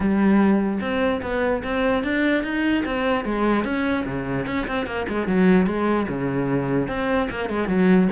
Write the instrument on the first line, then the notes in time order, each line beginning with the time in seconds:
cello
0.00 G3
0.80 C4
1.22 B3
1.63 C4
2.03 D4
2.43 D#4
2.85 C4
3.25 G#3
3.64 C#4
4.06 C#3
4.46 C#4
4.67 C4
4.86 A#3
5.08 G#3
5.27 F#3
5.66 G#3
6.08 C#3
6.88 C4
7.30 A#3
7.49 G#3
7.68 F#3